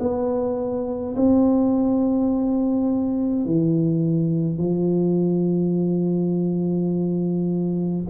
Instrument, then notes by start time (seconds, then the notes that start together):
tuba
0.00 B3
1.16 C4
3.46 E3
4.58 F3